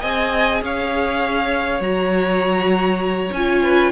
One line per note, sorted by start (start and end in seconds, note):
0.00 0.61 C4
0.00 1.80 G#4
0.00 0.60 D#5
0.00 0.61 G#5
0.61 1.80 C#4
0.61 3.63 C#5
0.61 1.82 F5
1.80 3.30 F#3
1.80 3.32 F#4
1.80 3.33 A#5
3.32 3.92 C#4
3.32 3.92 F4
3.32 3.92 G#5
3.63 3.92 B4